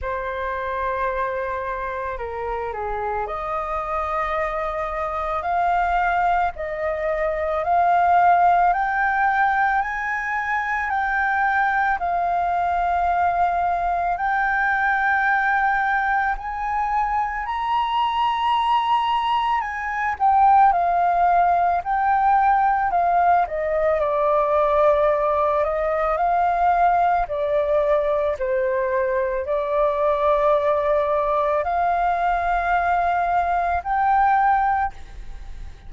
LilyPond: \new Staff \with { instrumentName = "flute" } { \time 4/4 \tempo 4 = 55 c''2 ais'8 gis'8 dis''4~ | dis''4 f''4 dis''4 f''4 | g''4 gis''4 g''4 f''4~ | f''4 g''2 gis''4 |
ais''2 gis''8 g''8 f''4 | g''4 f''8 dis''8 d''4. dis''8 | f''4 d''4 c''4 d''4~ | d''4 f''2 g''4 | }